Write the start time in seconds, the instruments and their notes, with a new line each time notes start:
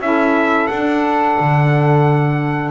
0.00 double bass C#4, saxophone E4 A4, trumpet E5
0.67 double bass D4, trumpet F#5
0.73 saxophone D4
1.40 double bass D3